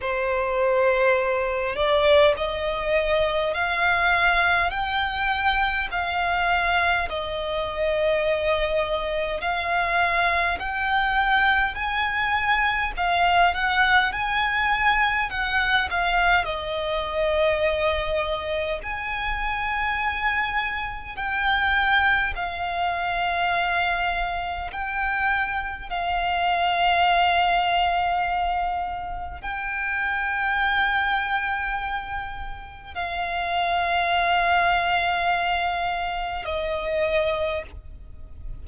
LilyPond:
\new Staff \with { instrumentName = "violin" } { \time 4/4 \tempo 4 = 51 c''4. d''8 dis''4 f''4 | g''4 f''4 dis''2 | f''4 g''4 gis''4 f''8 fis''8 | gis''4 fis''8 f''8 dis''2 |
gis''2 g''4 f''4~ | f''4 g''4 f''2~ | f''4 g''2. | f''2. dis''4 | }